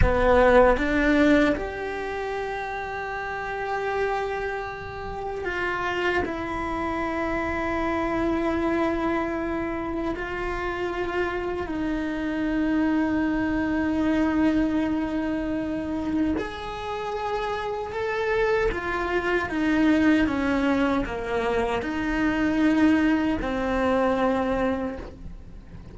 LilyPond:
\new Staff \with { instrumentName = "cello" } { \time 4/4 \tempo 4 = 77 b4 d'4 g'2~ | g'2. f'4 | e'1~ | e'4 f'2 dis'4~ |
dis'1~ | dis'4 gis'2 a'4 | f'4 dis'4 cis'4 ais4 | dis'2 c'2 | }